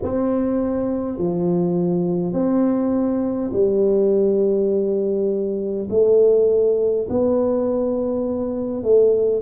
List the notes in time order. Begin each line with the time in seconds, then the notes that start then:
0.02 C4
1.18 F3
2.33 C4
3.52 G3
5.89 A3
7.09 B3
8.83 A3